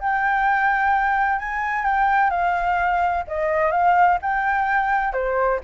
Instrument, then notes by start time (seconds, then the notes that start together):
flute
0.00 G5
1.39 G#5
1.85 G5
2.30 F5
3.27 D#5
3.72 F5
4.22 G5
5.13 C5